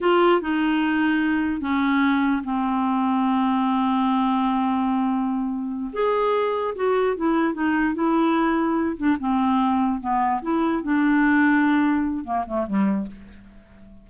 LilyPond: \new Staff \with { instrumentName = "clarinet" } { \time 4/4 \tempo 4 = 147 f'4 dis'2. | cis'2 c'2~ | c'1~ | c'2~ c'8 gis'4.~ |
gis'8 fis'4 e'4 dis'4 e'8~ | e'2 d'8 c'4.~ | c'8 b4 e'4 d'4.~ | d'2 ais8 a8 g4 | }